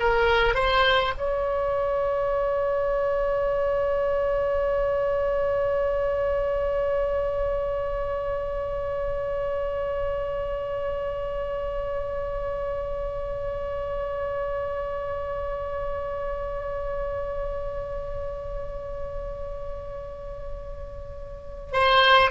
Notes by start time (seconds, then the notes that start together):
0.00 A#4
0.55 C5
1.18 C#5
21.73 C5